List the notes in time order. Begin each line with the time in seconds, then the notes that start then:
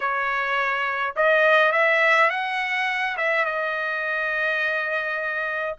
0.00 C#5
1.16 D#5
1.72 E5
2.30 F#5
3.17 E5
3.45 D#5